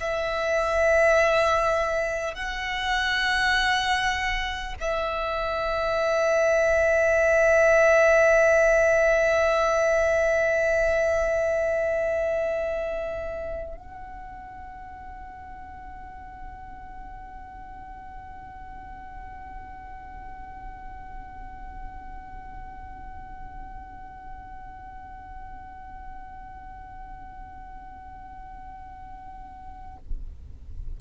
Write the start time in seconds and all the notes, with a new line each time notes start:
0.00 E5
2.34 F#5
4.80 E5
13.77 F#5